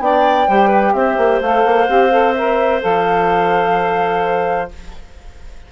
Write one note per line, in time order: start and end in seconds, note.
0.00 0.47 B3
0.00 0.47 D4
0.00 0.49 D5
0.00 0.93 G5
0.48 0.94 G3
0.48 1.42 G4
0.48 0.68 C5
0.68 0.91 B4
0.93 1.17 C4
0.93 4.72 C5
0.93 1.40 E5
1.17 1.41 A#3
1.41 1.65 A3
1.41 1.87 A4
1.41 2.34 F5
1.65 1.88 A#3
1.87 2.82 C4
1.87 2.10 G4
2.11 2.35 A4
2.34 2.81 A#4
2.34 2.81 E5
2.81 4.72 F3
2.81 4.68 A4
2.81 4.71 F5